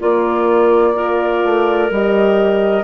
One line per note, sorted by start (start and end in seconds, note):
0.00 0.95 A#3
0.00 1.44 A#3
0.00 0.94 F4
0.00 1.92 D5
0.94 1.90 F4
0.94 2.84 A#4
1.44 1.90 A3
1.90 2.84 G3
1.90 2.84 G4
1.90 2.84 D#5